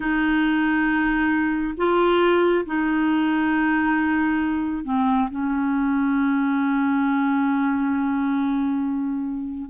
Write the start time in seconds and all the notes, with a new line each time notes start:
0.00 D#4
1.76 F4
2.65 D#4
4.84 C4
5.30 C#4